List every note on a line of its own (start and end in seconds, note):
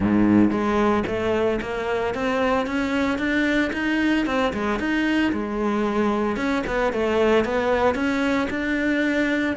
0.00 0.50 G#2
0.50 1.03 G#3
1.06 1.60 A3
1.61 2.14 A#3
2.14 2.66 C4
2.66 3.18 C#4
3.18 3.71 D4
3.72 4.26 D#4
4.26 4.52 C4
4.53 4.79 G#3
4.79 5.32 D#4
5.32 6.36 G#3
6.36 6.63 C#4
6.66 6.92 B3
6.92 7.44 A3
7.44 7.95 B3
7.95 8.48 C#4
8.50 9.56 D4